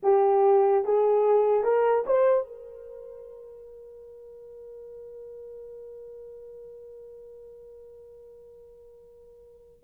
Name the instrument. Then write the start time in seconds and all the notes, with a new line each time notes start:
horn
0.02 G4
0.84 G#4
1.63 A#4
2.06 C5
2.47 A#4